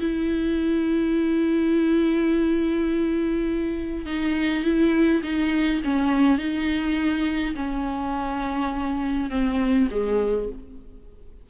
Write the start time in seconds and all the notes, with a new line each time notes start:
0.00 E4
4.05 D#4
4.63 E4
5.23 D#4
5.84 C#4
6.38 D#4
7.55 C#4
9.30 C4
9.91 G#3